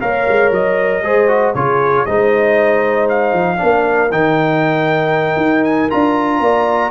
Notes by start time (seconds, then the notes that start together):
0.00 A#3 A#4 C#5 F5
0.28 G#3
0.51 F#3 D#5
1.02 G#3 G#4 C5
1.28 F#4
1.54 C#3 F4 G#4 C#5
2.05 G#3 D#4 C5 D#5
3.09 F5
3.32 F3
3.57 A#3 D4 A#4
4.11 D#3 D#4 G5
5.36 D#4
5.64 G#5
5.90 D4 F4 A#5
6.40 A#3 D5